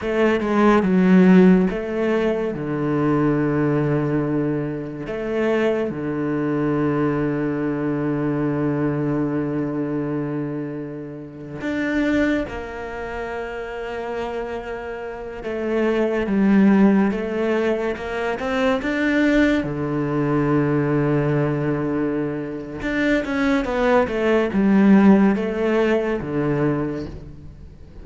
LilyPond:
\new Staff \with { instrumentName = "cello" } { \time 4/4 \tempo 4 = 71 a8 gis8 fis4 a4 d4~ | d2 a4 d4~ | d1~ | d4.~ d16 d'4 ais4~ ais16~ |
ais2~ ais16 a4 g8.~ | g16 a4 ais8 c'8 d'4 d8.~ | d2. d'8 cis'8 | b8 a8 g4 a4 d4 | }